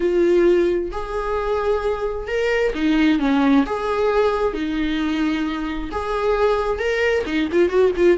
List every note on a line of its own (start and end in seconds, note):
0.00 0.91 F4
0.91 2.27 G#4
2.27 2.73 A#4
2.75 3.19 D#4
3.19 3.64 C#4
3.65 4.53 G#4
4.53 5.89 D#4
5.91 6.78 G#4
6.78 7.24 A#4
7.25 7.48 D#4
7.52 7.69 F4
7.69 7.91 F#4
7.96 8.18 F4